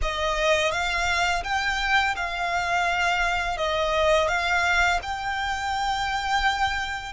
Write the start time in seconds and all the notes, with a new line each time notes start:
0.02 D#5
0.71 F5
1.43 G5
2.16 F5
3.57 D#5
4.28 F5
5.02 G5